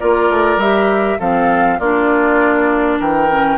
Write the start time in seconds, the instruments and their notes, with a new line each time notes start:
0.00 bassoon A#3, clarinet F4, oboe A#4, flute D5
0.30 bassoon A3
0.57 bassoon G3, clarinet G4, flute E5
1.19 bassoon F3, clarinet C4, oboe A4, flute F5
1.79 bassoon A#3, clarinet D4, oboe F4, flute D5
3.00 bassoon E3, oboe A#4, flute G5
3.30 clarinet C#4